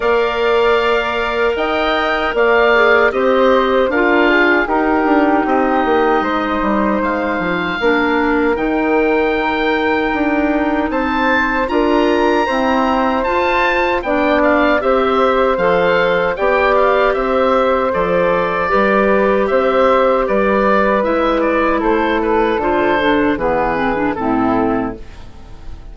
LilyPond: <<
  \new Staff \with { instrumentName = "oboe" } { \time 4/4 \tempo 4 = 77 f''2 g''4 f''4 | dis''4 f''4 ais'4 dis''4~ | dis''4 f''2 g''4~ | g''2 a''4 ais''4~ |
ais''4 a''4 g''8 f''8 e''4 | f''4 g''8 f''8 e''4 d''4~ | d''4 e''4 d''4 e''8 d''8 | c''8 b'8 c''4 b'4 a'4 | }
  \new Staff \with { instrumentName = "flute" } { \time 4/4 d''2 dis''4 d''4 | c''4 ais'8 gis'8 g'2 | c''2 ais'2~ | ais'2 c''4 ais'4 |
c''2 d''4 c''4~ | c''4 d''4 c''2 | b'4 c''4 b'2 | a'2 gis'4 e'4 | }
  \new Staff \with { instrumentName = "clarinet" } { \time 4/4 ais'2.~ ais'8 gis'8 | g'4 f'4 dis'2~ | dis'2 d'4 dis'4~ | dis'2. f'4 |
c'4 f'4 d'4 g'4 | a'4 g'2 a'4 | g'2. e'4~ | e'4 f'8 d'8 b8 c'16 d'16 c'4 | }
  \new Staff \with { instrumentName = "bassoon" } { \time 4/4 ais2 dis'4 ais4 | c'4 d'4 dis'8 d'8 c'8 ais8 | gis8 g8 gis8 f8 ais4 dis4~ | dis4 d'4 c'4 d'4 |
e'4 f'4 b4 c'4 | f4 b4 c'4 f4 | g4 c'4 g4 gis4 | a4 d4 e4 a,4 | }
>>